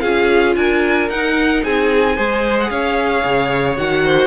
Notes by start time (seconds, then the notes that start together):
0.00 C#4 F4 G#4 F5
0.55 D4 A#4 G#5
1.09 D#4 F#5
1.64 C4 G#4 G#5
2.15 G#3 G#4 C5
2.59 F#5
2.69 C#4 C#5 F5
3.24 C#3
3.76 D#3 F#4 F#5
4.05 C5